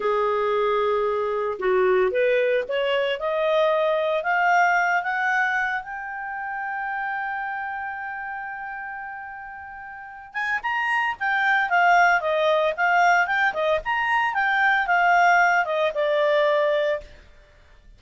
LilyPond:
\new Staff \with { instrumentName = "clarinet" } { \time 4/4 \tempo 4 = 113 gis'2. fis'4 | b'4 cis''4 dis''2 | f''4. fis''4. g''4~ | g''1~ |
g''2.~ g''8 gis''8 | ais''4 g''4 f''4 dis''4 | f''4 g''8 dis''8 ais''4 g''4 | f''4. dis''8 d''2 | }